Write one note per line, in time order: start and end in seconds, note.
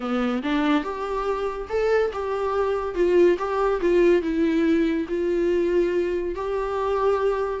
0.00 0.42 B3
0.42 0.83 D4
0.83 1.67 G4
1.69 2.11 A4
2.12 2.95 G4
2.95 3.37 F4
3.38 3.80 G4
3.80 4.22 F4
4.22 5.06 E4
5.08 6.35 F4
6.35 7.60 G4